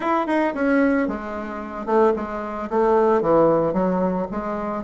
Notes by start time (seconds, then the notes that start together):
0.00 E4
0.26 D#4
0.54 C#4
1.07 G#3
1.86 A3
2.16 G#3
2.70 A3
3.21 E3
3.73 F#3
4.31 G#3